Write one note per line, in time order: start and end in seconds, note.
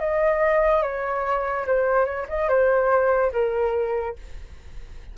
0.00 0.83 D#5
0.83 1.66 C#5
1.67 2.06 C5
2.06 2.27 C#5
2.29 2.49 D#5
2.49 3.32 C5
3.33 4.16 A#4